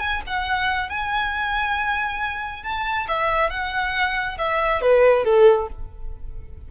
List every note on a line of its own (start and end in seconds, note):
0.00 0.22 G#5
0.27 0.90 F#5
0.90 2.64 G#5
2.64 3.08 A5
3.08 3.51 E5
3.51 4.38 F#5
4.39 4.82 E5
4.82 5.25 B4
5.25 5.69 A4